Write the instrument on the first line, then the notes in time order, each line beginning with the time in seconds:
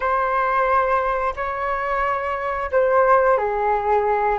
flute
0.00 C5
1.35 C#5
2.71 C5
3.37 G#4